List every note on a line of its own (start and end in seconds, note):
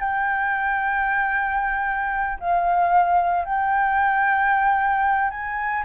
0.00 2.39 G5
2.40 3.45 F5
3.45 5.31 G5
5.31 5.84 G#5